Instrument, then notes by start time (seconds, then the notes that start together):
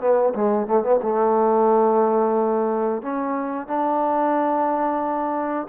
trombone
0.00 B3
0.35 G#3
0.67 A3
0.83 B3
1.02 A3
3.02 C#4
3.67 D4